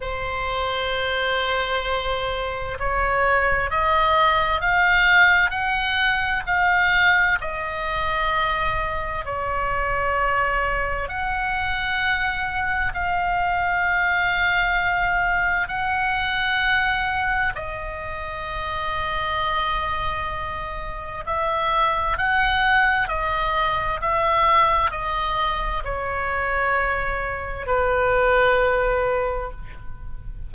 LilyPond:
\new Staff \with { instrumentName = "oboe" } { \time 4/4 \tempo 4 = 65 c''2. cis''4 | dis''4 f''4 fis''4 f''4 | dis''2 cis''2 | fis''2 f''2~ |
f''4 fis''2 dis''4~ | dis''2. e''4 | fis''4 dis''4 e''4 dis''4 | cis''2 b'2 | }